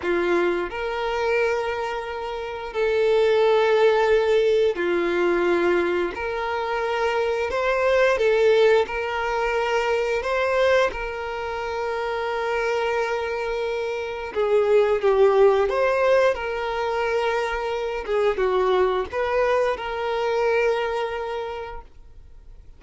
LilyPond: \new Staff \with { instrumentName = "violin" } { \time 4/4 \tempo 4 = 88 f'4 ais'2. | a'2. f'4~ | f'4 ais'2 c''4 | a'4 ais'2 c''4 |
ais'1~ | ais'4 gis'4 g'4 c''4 | ais'2~ ais'8 gis'8 fis'4 | b'4 ais'2. | }